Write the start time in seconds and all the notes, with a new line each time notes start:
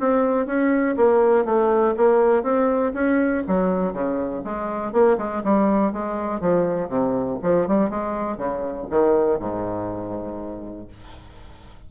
0.00 C4
0.47 C#4
0.97 A#3
1.45 A3
1.97 A#3
2.43 C4
2.94 C#4
3.48 F#3
3.93 C#3
4.44 G#3
4.93 A#3
5.18 G#3
5.44 G3
5.93 G#3
6.41 F3
6.89 C3
7.43 F3
7.67 G3
7.90 G#3
8.38 C#3
8.90 D#3
9.39 G#2